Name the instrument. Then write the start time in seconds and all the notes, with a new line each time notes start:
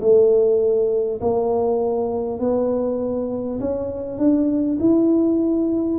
tuba
0.00 A3
1.21 A#3
2.39 B3
3.59 C#4
4.18 D4
4.79 E4